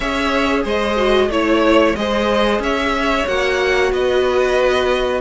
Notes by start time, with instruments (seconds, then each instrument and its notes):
0.00 cello C#4, viola G#4, violin C#5 E5
0.63 cello G#3, violin C5 D#5
0.96 viola F#4
1.29 cello A3, viola E4, violin C#5
1.95 cello G#3, viola G#4, violin C5 D#5
2.59 cello C#4, violin C#5 E5
3.27 cello A#3, viola F#4, violin F#5
3.92 cello B3, violin B4 D#5